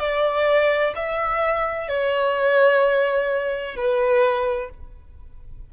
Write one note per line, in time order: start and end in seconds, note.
0.00 0.94 D5
0.96 1.89 E5
1.89 3.76 C#5
3.76 4.70 B4